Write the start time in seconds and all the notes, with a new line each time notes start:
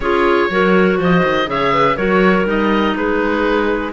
0.00 C#4 F4 G#4 C#5
0.50 F#3 F#4 A#4
0.98 F3 C5 D#5
1.24 D#3
1.46 C#3 G#4 C#5 E5
1.73 B4
1.96 F#3 F#4 A#4 C#5
2.45 G3 D#4 D#5
2.95 G#3 G#4 B4